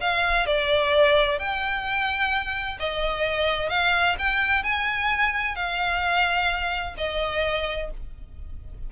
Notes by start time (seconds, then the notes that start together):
0.00 F5
0.46 D5
1.38 G5
2.79 D#5
3.69 F5
4.18 G5
4.63 G#5
5.55 F5
6.97 D#5